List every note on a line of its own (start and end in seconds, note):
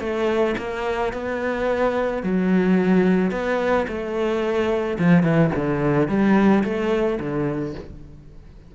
0.00 0.55 A3
0.58 1.13 A#3
1.13 2.23 B3
2.23 3.31 F#3
3.31 3.86 B3
3.88 4.98 A3
4.99 5.23 F3
5.23 5.51 E3
5.55 6.09 D3
6.09 6.64 G3
6.64 7.19 A3
7.20 7.75 D3